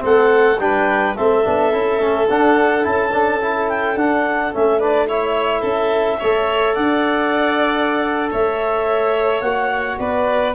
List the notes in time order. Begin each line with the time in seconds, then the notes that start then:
0.00 A3 C4 A4 F#5
0.59 G3 D4 B4 G5
1.16 A3 C4 A4 E5
1.45 B3 D4
1.73 C#4 E4
2.00 A3 C#4
2.29 D4 F#5
2.83 C#4 E4 A5
3.13 D4
3.42 E4
3.69 G5
3.96 D4 F#5
4.54 A3 C#4 E5
4.79 D4 B4 D5
5.09 E4 C#5 E5
5.62 C#4 A4
6.20 A3 A4 C#5
6.75 D4 D5 F#5
8.31 A3 C#5 E5
9.42 A#3 F#4 F#5
9.99 B3 B4 D5